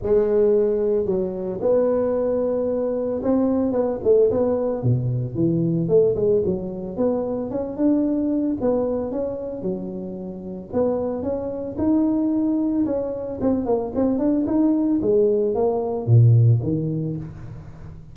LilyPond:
\new Staff \with { instrumentName = "tuba" } { \time 4/4 \tempo 4 = 112 gis2 fis4 b4~ | b2 c'4 b8 a8 | b4 b,4 e4 a8 gis8 | fis4 b4 cis'8 d'4. |
b4 cis'4 fis2 | b4 cis'4 dis'2 | cis'4 c'8 ais8 c'8 d'8 dis'4 | gis4 ais4 ais,4 dis4 | }